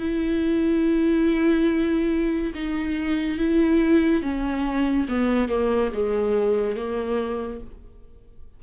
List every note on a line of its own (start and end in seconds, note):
0.00 2.54 E4
2.55 3.39 D#4
3.39 4.23 E4
4.23 5.07 C#4
5.09 5.49 B3
5.49 5.91 A#3
5.94 6.77 G#3
6.77 7.61 A#3